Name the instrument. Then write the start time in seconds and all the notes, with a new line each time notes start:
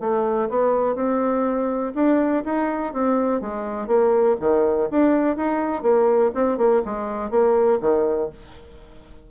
bassoon
0.00 A3
0.49 B3
0.95 C4
1.95 D4
2.45 D#4
2.93 C4
3.41 G#3
3.88 A#3
4.40 D#3
4.91 D4
5.37 D#4
5.82 A#3
6.35 C4
6.58 A#3
6.85 G#3
7.31 A#3
7.81 D#3